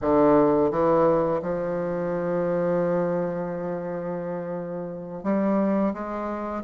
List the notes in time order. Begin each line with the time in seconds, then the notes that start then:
0.01 D3
0.70 E3
1.41 F3
5.23 G3
5.93 G#3